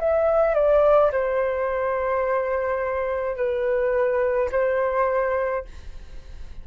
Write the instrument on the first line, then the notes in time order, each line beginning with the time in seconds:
flute
0.00 E5
0.55 D5
1.12 C5
3.37 B4
4.52 C5